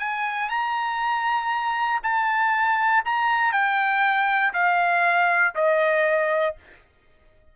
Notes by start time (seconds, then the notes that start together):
0.00 G#5
0.50 A#5
2.04 A5
3.05 A#5
3.53 G5
4.54 F5
5.55 D#5